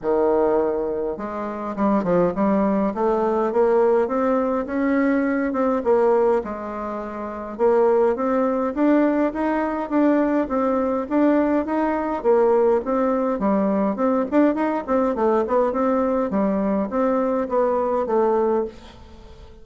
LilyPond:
\new Staff \with { instrumentName = "bassoon" } { \time 4/4 \tempo 4 = 103 dis2 gis4 g8 f8 | g4 a4 ais4 c'4 | cis'4. c'8 ais4 gis4~ | gis4 ais4 c'4 d'4 |
dis'4 d'4 c'4 d'4 | dis'4 ais4 c'4 g4 | c'8 d'8 dis'8 c'8 a8 b8 c'4 | g4 c'4 b4 a4 | }